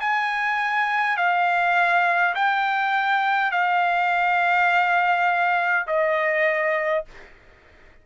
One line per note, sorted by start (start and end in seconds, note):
0.00 1.17 G#5
1.17 2.34 F5
2.35 3.51 G5
3.51 5.86 F5
5.87 7.04 D#5